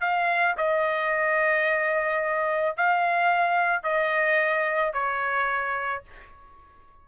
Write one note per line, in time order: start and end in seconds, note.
0.00 0.55 F5
0.57 2.77 D#5
2.77 3.83 F5
3.83 4.93 D#5
4.93 6.03 C#5